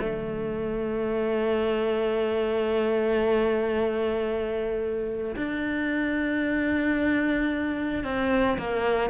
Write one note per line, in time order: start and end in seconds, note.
0.00 5.36 A3
5.36 8.04 D4
8.04 8.58 C4
8.58 9.10 A#3